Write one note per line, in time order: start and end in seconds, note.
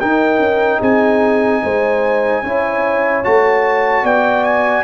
0.00 2.44 D#4
0.00 0.39 D#4
0.00 0.80 A#4
0.00 0.81 G5
0.39 0.80 C#4
0.80 1.63 C4
0.80 1.61 G#4
0.80 3.25 G#5
1.63 2.43 G#3
1.63 2.44 C5
2.43 3.24 C#4
2.43 3.24 E4
2.43 4.04 C#5
3.24 4.04 A3
3.24 4.84 F#4
3.24 4.06 A5
4.04 4.84 B3
4.04 4.84 D5
4.04 4.44 G5
4.44 4.84 G#5